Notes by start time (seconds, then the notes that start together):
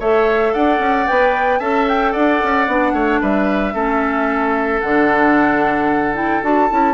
0.00 A3 A4 C#5 E5
0.54 D4 D5 F#5
0.79 C#4
1.07 B3 B4 G5
1.59 C#4 A4 E5 A5
1.89 G5
2.13 D4 D5 F#5
2.43 C#4
2.68 B3 D4
2.93 A3 C#5
3.22 G3 B4 E5
3.74 A3 C#4 A4
4.81 D3 D4 F#5
6.15 E4 G5
6.43 D4 F#4 A5
6.70 C#4 E4